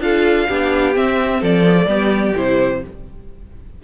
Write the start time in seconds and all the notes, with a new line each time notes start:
0.00 D4 F4 A4 F5
0.48 B3 D4 G4
0.94 C4 E5
1.41 F3 A4 D5
1.64 B3
1.79 A3
1.87 G3 B3 G4
2.36 C3 E4 C5